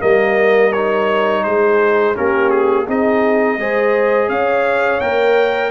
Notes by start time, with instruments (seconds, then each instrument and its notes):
0.00 tuba G3, trombone A#3, horn A#4, trumpet D#5
0.73 trombone D#4, trumpet C#5
1.44 tuba G#3, horn G#4, trumpet C5
2.15 tuba A#3, trombone C#4, horn G4, trumpet A#4
2.51 trumpet G#4
2.86 tuba C4, trombone D#4, horn G#4, trumpet D#5
3.58 tuba G#3, trombone G#4, horn C5
4.29 tuba C#4, horn C#5, trumpet F5
5.01 tuba A#3, trombone A#4, trumpet G5